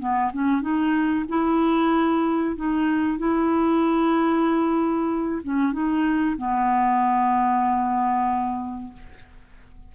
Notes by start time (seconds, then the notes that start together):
0.00 B3
0.34 C#4
0.62 D#4
1.29 E4
2.56 D#4
3.19 E4
5.44 C#4
5.73 D#4
6.38 B3